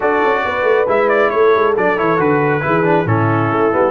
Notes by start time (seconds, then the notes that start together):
0.00 D4 F#4 A4 D5
0.24 C#4
0.44 B3 B4
0.63 A3
0.87 G#3 E4 E5
1.08 D5
1.29 A3 A4 C#5
1.55 G#3
1.76 F#3 D4 D5
1.97 E3 E4 C#5
2.17 D3 F#4 B4
2.61 E3 E4 G#4
2.83 D4
3.05 A2 C#4 E4 A4
3.50 A3
3.71 G3 B3